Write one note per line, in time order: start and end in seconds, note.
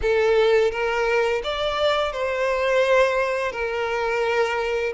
0.01 0.71 A4
0.71 1.41 A#4
1.43 2.12 D5
2.12 3.52 C5
3.52 4.93 A#4